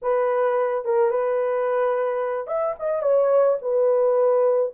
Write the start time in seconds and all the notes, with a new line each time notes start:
0.02 B4
0.84 A#4
1.10 B4
2.47 E5
2.79 D#5
3.02 C#5
3.61 B4